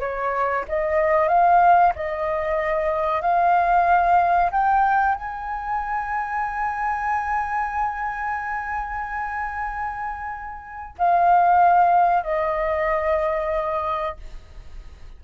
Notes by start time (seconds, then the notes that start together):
0.00 C#5
0.68 D#5
1.28 F5
1.96 D#5
3.22 F5
4.52 G5
5.15 G#5
10.98 F5
12.23 D#5